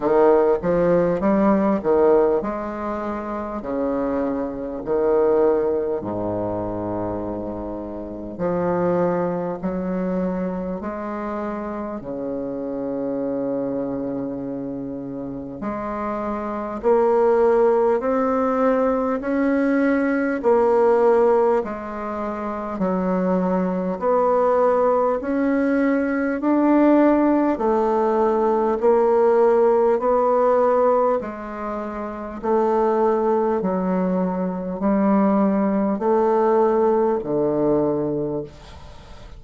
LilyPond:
\new Staff \with { instrumentName = "bassoon" } { \time 4/4 \tempo 4 = 50 dis8 f8 g8 dis8 gis4 cis4 | dis4 gis,2 f4 | fis4 gis4 cis2~ | cis4 gis4 ais4 c'4 |
cis'4 ais4 gis4 fis4 | b4 cis'4 d'4 a4 | ais4 b4 gis4 a4 | fis4 g4 a4 d4 | }